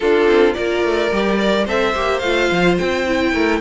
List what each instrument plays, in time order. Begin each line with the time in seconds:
0.00 viola D4, cello D4, violin F4 A4
0.26 cello C4
0.53 cello A#3, viola F4, violin A#4 D5
0.83 cello A3
1.11 cello G3, viola G4
1.38 viola A#4, violin D5
1.64 cello C4, viola A4, violin C5 E5
1.95 cello A#3, viola G4
2.19 cello A3, viola F4, violin F5
2.51 cello F3
2.78 cello C4, violin G5
3.06 viola E4
3.32 cello A3, violin A#4